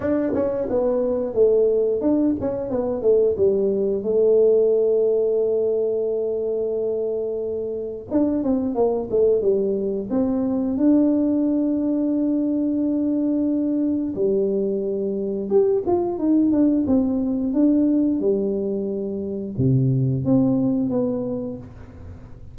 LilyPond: \new Staff \with { instrumentName = "tuba" } { \time 4/4 \tempo 4 = 89 d'8 cis'8 b4 a4 d'8 cis'8 | b8 a8 g4 a2~ | a1 | d'8 c'8 ais8 a8 g4 c'4 |
d'1~ | d'4 g2 g'8 f'8 | dis'8 d'8 c'4 d'4 g4~ | g4 c4 c'4 b4 | }